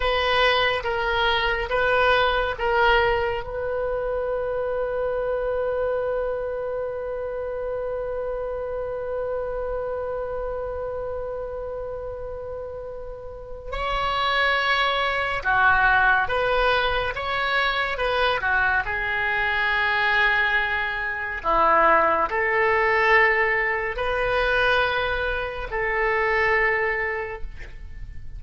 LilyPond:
\new Staff \with { instrumentName = "oboe" } { \time 4/4 \tempo 4 = 70 b'4 ais'4 b'4 ais'4 | b'1~ | b'1~ | b'1 |
cis''2 fis'4 b'4 | cis''4 b'8 fis'8 gis'2~ | gis'4 e'4 a'2 | b'2 a'2 | }